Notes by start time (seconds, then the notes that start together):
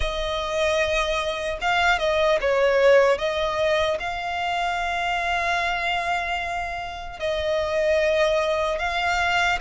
0.00 D#5
1.61 F5
1.98 D#5
2.40 C#5
3.17 D#5
3.99 F5
7.19 D#5
8.79 F5